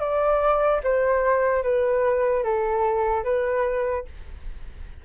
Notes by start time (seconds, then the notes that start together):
0.00 D5
0.84 C5
1.63 B4
2.44 A4
3.24 B4